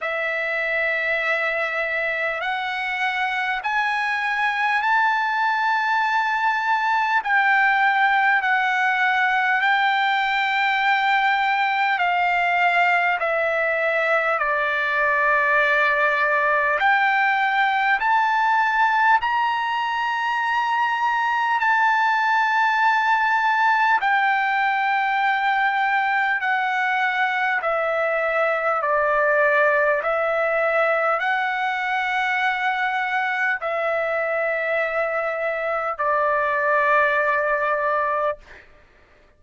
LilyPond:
\new Staff \with { instrumentName = "trumpet" } { \time 4/4 \tempo 4 = 50 e''2 fis''4 gis''4 | a''2 g''4 fis''4 | g''2 f''4 e''4 | d''2 g''4 a''4 |
ais''2 a''2 | g''2 fis''4 e''4 | d''4 e''4 fis''2 | e''2 d''2 | }